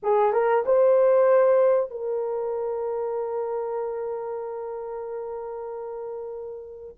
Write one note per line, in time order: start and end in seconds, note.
0.02 0.32 G#4
0.32 0.64 A#4
0.65 1.90 C5
1.90 6.95 A#4